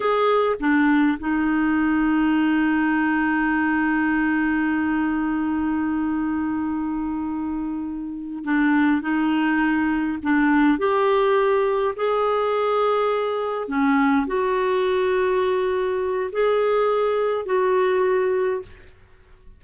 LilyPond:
\new Staff \with { instrumentName = "clarinet" } { \time 4/4 \tempo 4 = 103 gis'4 d'4 dis'2~ | dis'1~ | dis'1~ | dis'2~ dis'8 d'4 dis'8~ |
dis'4. d'4 g'4.~ | g'8 gis'2. cis'8~ | cis'8 fis'2.~ fis'8 | gis'2 fis'2 | }